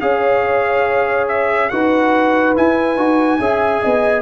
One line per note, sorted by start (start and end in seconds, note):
0.00 1.70 C#4
0.00 1.70 G#4
0.00 1.71 C#5
0.00 1.27 F5
1.28 1.69 E5
1.69 2.57 D#4
1.69 2.55 F#4
1.69 3.40 B4
1.69 2.54 F#5
2.55 2.97 E4
2.55 2.96 E4
2.55 4.21 G#5
2.96 3.39 D#4
2.96 3.39 F#4
3.39 3.81 C#4
3.39 4.21 G#4
3.39 3.82 E5
3.82 4.21 B3
3.82 4.21 D#5